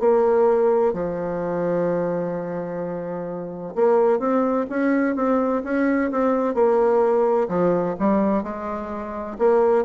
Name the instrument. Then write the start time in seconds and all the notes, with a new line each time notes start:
bassoon
0.00 A#3
0.94 F3
3.75 A#3
4.20 C4
4.70 C#4
5.16 C4
5.64 C#4
6.12 C4
6.55 A#3
7.49 F3
7.99 G3
8.44 G#3
9.39 A#3